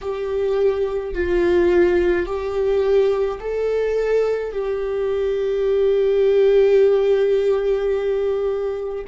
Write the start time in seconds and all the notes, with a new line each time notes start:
0.01 G4
1.14 F4
2.25 G4
3.40 A4
4.52 G4